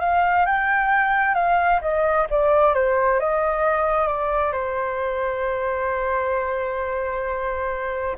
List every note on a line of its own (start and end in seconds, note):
0.00 0.45 F5
0.46 1.34 G5
1.34 1.80 F5
1.81 2.27 D#5
2.30 2.74 D5
2.74 3.19 C5
3.20 4.07 D#5
4.07 4.52 D5
4.52 8.16 C5